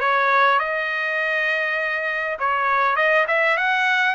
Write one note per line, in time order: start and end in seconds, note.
0.00 0.59 C#5
0.59 2.37 D#5
2.39 2.96 C#5
2.96 3.25 D#5
3.28 3.57 E5
3.57 4.15 F#5